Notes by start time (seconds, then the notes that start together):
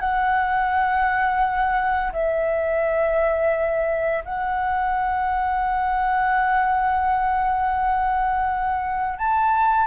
0.00 F#5
2.12 E5
4.25 F#5
9.18 A5